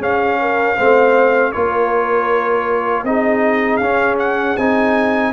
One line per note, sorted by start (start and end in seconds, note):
0.00 0.76 C#4
0.00 0.77 C#4
0.00 0.38 G#4
0.00 1.53 F5
0.41 0.77 A#4
0.77 1.55 A3
0.77 1.54 C4
0.77 1.53 C5
1.53 3.04 A#3
1.53 3.06 F4
1.53 3.07 A#4
1.53 3.04 C#5
3.04 3.80 C4
3.04 3.82 D#4
3.04 5.33 G#4
3.04 3.77 D#5
3.77 4.57 C#4
3.77 4.58 C#4
3.77 4.15 F5
4.19 4.57 F#5
4.57 5.33 C4
4.57 5.33 D#4
4.57 5.33 G#5